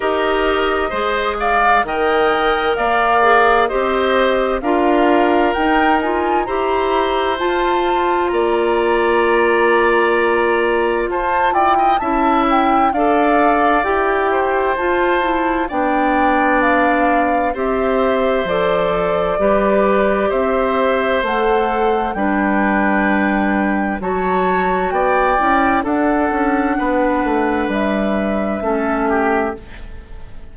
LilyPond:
<<
  \new Staff \with { instrumentName = "flute" } { \time 4/4 \tempo 4 = 65 dis''4. f''8 g''4 f''4 | dis''4 f''4 g''8 gis''8 ais''4 | a''4 ais''2. | a''8 g''8 a''8 g''8 f''4 g''4 |
a''4 g''4 f''4 e''4 | d''2 e''4 fis''4 | g''2 a''4 g''4 | fis''2 e''2 | }
  \new Staff \with { instrumentName = "oboe" } { \time 4/4 ais'4 c''8 d''8 dis''4 d''4 | c''4 ais'2 c''4~ | c''4 d''2. | c''8 d''16 dis''16 e''4 d''4. c''8~ |
c''4 d''2 c''4~ | c''4 b'4 c''2 | b'2 cis''4 d''4 | a'4 b'2 a'8 g'8 | }
  \new Staff \with { instrumentName = "clarinet" } { \time 4/4 g'4 gis'4 ais'4. gis'8 | g'4 f'4 dis'8 f'8 g'4 | f'1~ | f'4 e'4 a'4 g'4 |
f'8 e'8 d'2 g'4 | a'4 g'2 a'4 | d'2 fis'4. e'8 | d'2. cis'4 | }
  \new Staff \with { instrumentName = "bassoon" } { \time 4/4 dis'4 gis4 dis4 ais4 | c'4 d'4 dis'4 e'4 | f'4 ais2. | f'8 e'8 cis'4 d'4 e'4 |
f'4 b2 c'4 | f4 g4 c'4 a4 | g2 fis4 b8 cis'8 | d'8 cis'8 b8 a8 g4 a4 | }
>>